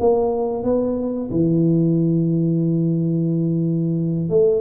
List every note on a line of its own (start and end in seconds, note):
0.00 0.64 A#3
0.64 1.30 B3
1.31 4.30 E3
4.30 4.61 A3